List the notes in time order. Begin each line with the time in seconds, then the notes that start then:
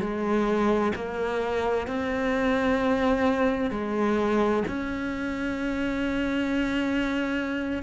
0.00 G#3
0.95 A#3
1.87 C4
3.71 G#3
4.68 C#4